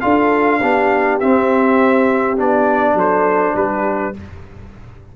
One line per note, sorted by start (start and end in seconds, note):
0.00 0.62 D4
0.00 0.60 F4
0.00 0.60 A4
0.00 1.18 F5
0.60 1.21 B3
0.60 1.21 D4
0.60 2.95 G4
1.20 2.37 C4
1.20 2.40 C4
1.20 2.37 E5
2.37 2.94 B3
2.37 4.13 D4
2.37 2.98 D5
2.94 3.53 F#3
2.94 3.56 A4
2.94 3.56 C5
3.55 4.14 G3
3.55 4.16 G4
3.55 4.15 B4